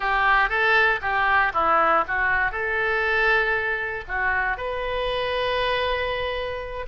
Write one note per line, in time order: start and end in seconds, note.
0.00 0.49 G4
0.49 1.00 A4
1.01 1.52 G4
1.53 2.04 E4
2.07 2.51 F#4
2.51 4.04 A4
4.07 4.57 F#4
4.57 6.86 B4